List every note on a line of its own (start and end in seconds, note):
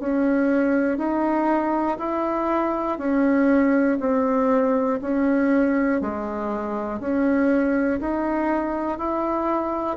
0.00 0.98 C#4
0.98 1.98 D#4
1.98 2.98 E4
2.99 3.99 C#4
4.00 5.00 C4
5.01 6.01 C#4
6.01 7.00 G#3
7.00 8.00 C#4
8.00 8.99 D#4
8.99 9.97 E4